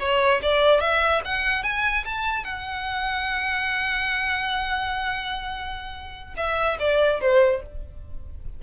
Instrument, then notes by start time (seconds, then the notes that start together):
violin
0.00 C#5
0.43 D5
0.81 E5
1.25 F#5
1.64 G#5
2.05 A5
2.44 F#5
6.37 E5
6.79 D5
7.21 C5